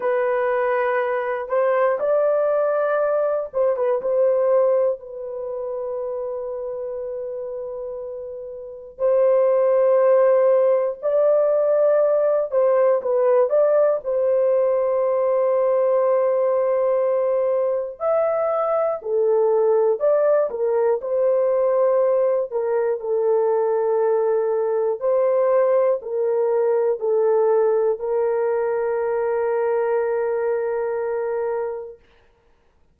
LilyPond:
\new Staff \with { instrumentName = "horn" } { \time 4/4 \tempo 4 = 60 b'4. c''8 d''4. c''16 b'16 | c''4 b'2.~ | b'4 c''2 d''4~ | d''8 c''8 b'8 d''8 c''2~ |
c''2 e''4 a'4 | d''8 ais'8 c''4. ais'8 a'4~ | a'4 c''4 ais'4 a'4 | ais'1 | }